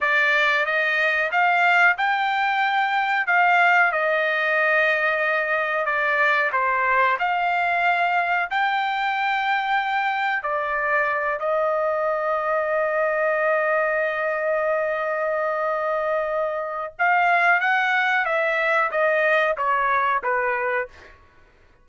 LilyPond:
\new Staff \with { instrumentName = "trumpet" } { \time 4/4 \tempo 4 = 92 d''4 dis''4 f''4 g''4~ | g''4 f''4 dis''2~ | dis''4 d''4 c''4 f''4~ | f''4 g''2. |
d''4. dis''2~ dis''8~ | dis''1~ | dis''2 f''4 fis''4 | e''4 dis''4 cis''4 b'4 | }